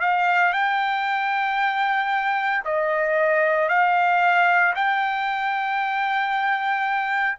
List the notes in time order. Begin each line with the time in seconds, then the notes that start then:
0.00 F5
0.53 G5
2.65 D#5
3.69 F5
4.75 G5